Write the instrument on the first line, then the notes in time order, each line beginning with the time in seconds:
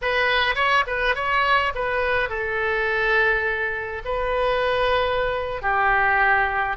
oboe
0.01 B4
0.55 C#5
0.86 B4
1.15 C#5
1.74 B4
2.29 A4
4.04 B4
5.61 G4